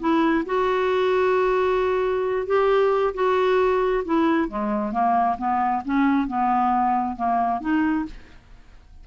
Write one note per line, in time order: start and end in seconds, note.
0.00 0.45 E4
0.46 2.47 F#4
2.47 3.14 G4
3.14 4.04 F#4
4.05 4.48 E4
4.48 4.92 G#3
4.92 5.37 A#3
5.38 5.83 B3
5.85 6.28 C#4
6.28 7.16 B3
7.16 7.61 A#3
7.61 8.05 D#4